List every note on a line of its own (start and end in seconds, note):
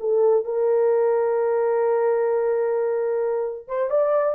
0.00 0.45 A4
0.45 3.68 A#4
3.68 3.90 C5
3.90 4.35 D5